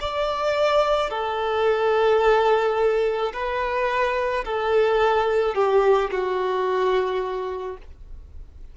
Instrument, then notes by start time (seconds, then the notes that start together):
violin
0.00 D5
1.10 A4
3.33 B4
4.45 A4
5.55 G4
6.11 F#4